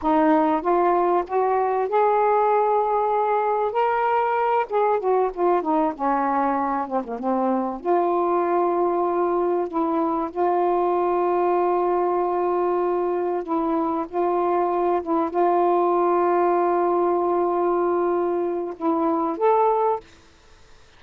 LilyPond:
\new Staff \with { instrumentName = "saxophone" } { \time 4/4 \tempo 4 = 96 dis'4 f'4 fis'4 gis'4~ | gis'2 ais'4. gis'8 | fis'8 f'8 dis'8 cis'4. c'16 ais16 c'8~ | c'8 f'2. e'8~ |
e'8 f'2.~ f'8~ | f'4. e'4 f'4. | e'8 f'2.~ f'8~ | f'2 e'4 a'4 | }